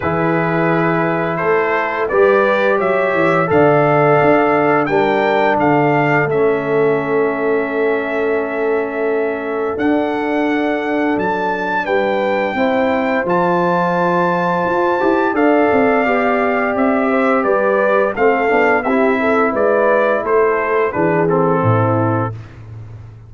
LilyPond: <<
  \new Staff \with { instrumentName = "trumpet" } { \time 4/4 \tempo 4 = 86 b'2 c''4 d''4 | e''4 f''2 g''4 | f''4 e''2.~ | e''2 fis''2 |
a''4 g''2 a''4~ | a''2 f''2 | e''4 d''4 f''4 e''4 | d''4 c''4 b'8 a'4. | }
  \new Staff \with { instrumentName = "horn" } { \time 4/4 gis'2 a'4 b'4 | cis''4 d''2 ais'4 | a'1~ | a'1~ |
a'4 b'4 c''2~ | c''2 d''2~ | d''8 c''8 b'4 a'4 g'8 a'8 | b'4 a'4 gis'4 e'4 | }
  \new Staff \with { instrumentName = "trombone" } { \time 4/4 e'2. g'4~ | g'4 a'2 d'4~ | d'4 cis'2.~ | cis'2 d'2~ |
d'2 e'4 f'4~ | f'4. g'8 a'4 g'4~ | g'2 c'8 d'8 e'4~ | e'2 d'8 c'4. | }
  \new Staff \with { instrumentName = "tuba" } { \time 4/4 e2 a4 g4 | fis8 e8 d4 d'4 g4 | d4 a2.~ | a2 d'2 |
fis4 g4 c'4 f4~ | f4 f'8 e'8 d'8 c'8 b4 | c'4 g4 a8 b8 c'4 | gis4 a4 e4 a,4 | }
>>